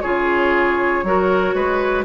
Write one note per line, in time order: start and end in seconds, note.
0.00 1.03 C#3
0.00 1.04 F4
0.00 1.04 G#4
0.00 2.03 C#5
1.03 1.53 F#3
1.03 2.04 F#4
1.03 1.54 A#4
1.53 2.04 G#3
1.53 2.04 B4